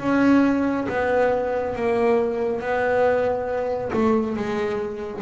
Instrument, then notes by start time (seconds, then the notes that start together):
double bass
0.00 C#4
0.89 B3
1.75 A#3
2.60 B3
3.93 A3
4.36 G#3